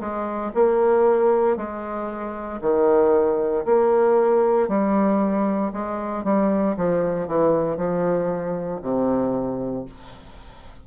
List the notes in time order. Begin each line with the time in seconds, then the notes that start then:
0.00 G#3
0.55 A#3
1.57 G#3
2.61 D#3
3.65 A#3
4.69 G3
5.73 G#3
6.24 G3
6.78 F3
7.28 E3
7.77 F3
8.82 C3